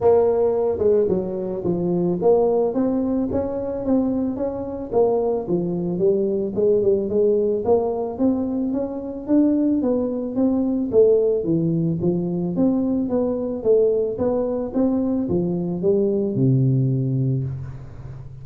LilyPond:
\new Staff \with { instrumentName = "tuba" } { \time 4/4 \tempo 4 = 110 ais4. gis8 fis4 f4 | ais4 c'4 cis'4 c'4 | cis'4 ais4 f4 g4 | gis8 g8 gis4 ais4 c'4 |
cis'4 d'4 b4 c'4 | a4 e4 f4 c'4 | b4 a4 b4 c'4 | f4 g4 c2 | }